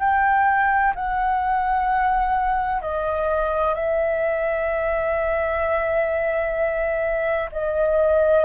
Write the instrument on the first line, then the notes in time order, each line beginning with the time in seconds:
flute
0.00 G5
0.95 F#5
2.82 D#5
3.75 E5
7.52 D#5